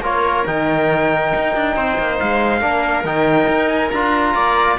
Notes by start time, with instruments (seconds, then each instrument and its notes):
0.00 cello A#3, trombone F4, viola A#4, trumpet C#5
0.46 cello D#3, trombone D#4, trumpet G5
1.35 cello D#4
1.55 cello D4
1.75 cello C4, viola C5
1.98 cello A#3
2.19 cello G#3, trumpet F5
2.60 cello A#3, trombone D4, viola A#4
3.04 cello D#3, trombone D#4, trumpet G5
3.47 cello D#4
3.68 trumpet G#5
3.90 cello D4, trombone F4, trumpet A#5
4.34 cello A#3, viola D5